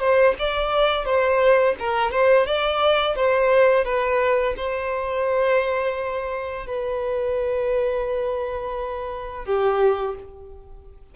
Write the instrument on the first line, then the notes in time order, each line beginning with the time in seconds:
violin
0.00 C5
0.39 D5
1.05 C5
1.79 A#4
2.12 C5
2.46 D5
3.16 C5
3.85 B4
4.57 C5
6.66 B4
9.45 G4